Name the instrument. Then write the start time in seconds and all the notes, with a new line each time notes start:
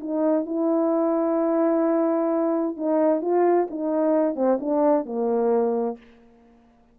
horn
0.00 D#4
0.46 E4
2.77 D#4
3.21 F4
3.70 D#4
4.36 C4
4.60 D4
5.05 A#3